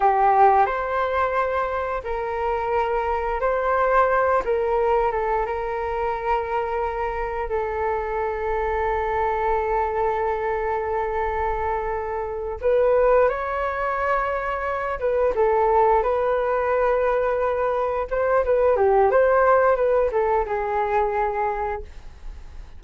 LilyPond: \new Staff \with { instrumentName = "flute" } { \time 4/4 \tempo 4 = 88 g'4 c''2 ais'4~ | ais'4 c''4. ais'4 a'8 | ais'2. a'4~ | a'1~ |
a'2~ a'8 b'4 cis''8~ | cis''2 b'8 a'4 b'8~ | b'2~ b'8 c''8 b'8 g'8 | c''4 b'8 a'8 gis'2 | }